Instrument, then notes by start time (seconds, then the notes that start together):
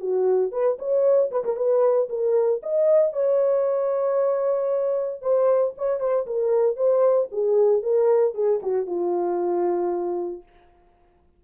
horn
0.00 F#4
0.51 B4
0.78 C#5
1.31 B4
1.44 A#4
1.56 B4
2.09 A#4
2.63 D#5
3.13 C#5
5.22 C5
5.77 C#5
6.00 C5
6.26 A#4
6.76 C5
7.31 G#4
7.82 A#4
8.34 G#4
8.62 F#4
8.86 F4